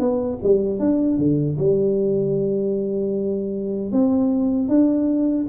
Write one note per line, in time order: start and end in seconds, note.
0.00 0.39 B3
0.43 0.80 G3
0.80 1.18 D4
1.18 1.57 D3
1.59 3.92 G3
3.92 4.69 C4
4.69 5.47 D4